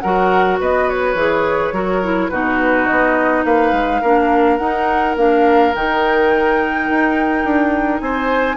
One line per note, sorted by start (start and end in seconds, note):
0.00 0.60 F#3
0.00 1.17 F#4
0.00 0.60 A#4
0.00 0.57 F#5
0.60 1.15 B3
0.60 1.74 B4
0.60 0.89 D#5
0.89 2.30 C#5
1.15 1.72 E3
1.15 1.74 G#4
1.73 2.30 F#3
1.73 2.02 F#4
1.73 2.31 A#4
2.03 2.31 E4
2.30 2.89 B2
2.30 4.03 D#4
2.30 3.45 F#4
2.30 2.87 B4
2.87 3.45 B3
2.87 3.44 D#5
3.45 3.72 A#3
3.45 4.02 B4
3.45 4.58 F5
3.72 4.01 G#3
4.02 4.59 A#3
4.02 4.60 D4
4.02 8.02 A#4
4.58 5.17 D#4
4.58 5.15 F#5
5.17 5.74 A#3
5.17 5.74 D4
5.17 5.75 F5
5.75 6.90 D#3
5.75 8.57 D#4
5.75 8.01 G5
6.90 7.44 D#4
7.44 8.01 D4
8.01 8.57 C4
8.01 8.57 C5
8.01 8.57 G#5